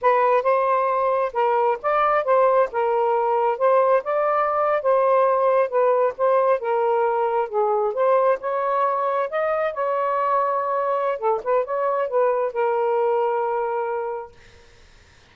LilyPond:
\new Staff \with { instrumentName = "saxophone" } { \time 4/4 \tempo 4 = 134 b'4 c''2 ais'4 | d''4 c''4 ais'2 | c''4 d''4.~ d''16 c''4~ c''16~ | c''8. b'4 c''4 ais'4~ ais'16~ |
ais'8. gis'4 c''4 cis''4~ cis''16~ | cis''8. dis''4 cis''2~ cis''16~ | cis''4 a'8 b'8 cis''4 b'4 | ais'1 | }